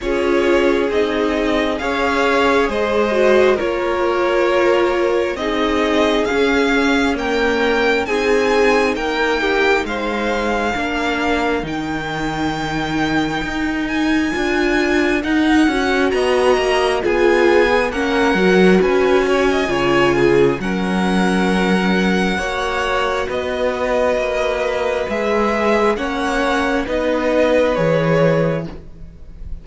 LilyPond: <<
  \new Staff \with { instrumentName = "violin" } { \time 4/4 \tempo 4 = 67 cis''4 dis''4 f''4 dis''4 | cis''2 dis''4 f''4 | g''4 gis''4 g''4 f''4~ | f''4 g''2~ g''8 gis''8~ |
gis''4 fis''4 ais''4 gis''4 | fis''4 gis''2 fis''4~ | fis''2 dis''2 | e''4 fis''4 dis''4 cis''4 | }
  \new Staff \with { instrumentName = "violin" } { \time 4/4 gis'2 cis''4 c''4 | ais'2 gis'2 | ais'4 gis'4 ais'8 g'8 c''4 | ais'1~ |
ais'2 dis''4 gis'4 | ais'4 b'8 cis''16 dis''16 cis''8 gis'8 ais'4~ | ais'4 cis''4 b'2~ | b'4 cis''4 b'2 | }
  \new Staff \with { instrumentName = "viola" } { \time 4/4 f'4 dis'4 gis'4. fis'8 | f'2 dis'4 cis'4 | ais4 dis'2. | d'4 dis'2. |
f'4 dis'8 fis'4. f'8. gis'16 | cis'8 fis'4. f'4 cis'4~ | cis'4 fis'2. | gis'4 cis'4 dis'4 gis'4 | }
  \new Staff \with { instrumentName = "cello" } { \time 4/4 cis'4 c'4 cis'4 gis4 | ais2 c'4 cis'4~ | cis'4 c'4 ais4 gis4 | ais4 dis2 dis'4 |
d'4 dis'8 cis'8 b8 ais8 b4 | ais8 fis8 cis'4 cis4 fis4~ | fis4 ais4 b4 ais4 | gis4 ais4 b4 e4 | }
>>